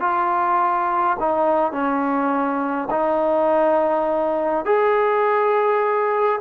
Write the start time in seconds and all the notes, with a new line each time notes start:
0.00 F4
1.19 D#4
1.72 C#4
2.90 D#4
4.65 G#4